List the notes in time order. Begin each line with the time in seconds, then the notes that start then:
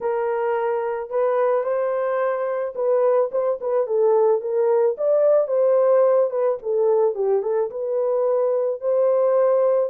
0.00 A#4
1.09 B4
1.63 C5
2.75 B4
3.31 C5
3.60 B4
3.87 A4
4.41 A#4
4.97 D5
5.47 C5
6.30 B4
6.62 A4
7.14 G4
7.42 A4
7.70 B4
8.80 C5